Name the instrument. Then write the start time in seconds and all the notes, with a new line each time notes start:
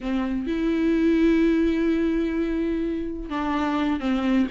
viola
0.00 C4
0.46 E4
3.29 D4
3.99 C4